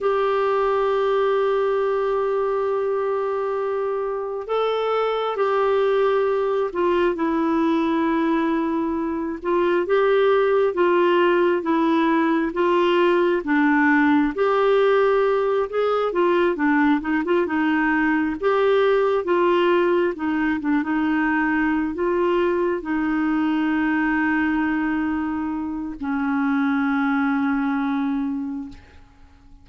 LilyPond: \new Staff \with { instrumentName = "clarinet" } { \time 4/4 \tempo 4 = 67 g'1~ | g'4 a'4 g'4. f'8 | e'2~ e'8 f'8 g'4 | f'4 e'4 f'4 d'4 |
g'4. gis'8 f'8 d'8 dis'16 f'16 dis'8~ | dis'8 g'4 f'4 dis'8 d'16 dis'8.~ | dis'8 f'4 dis'2~ dis'8~ | dis'4 cis'2. | }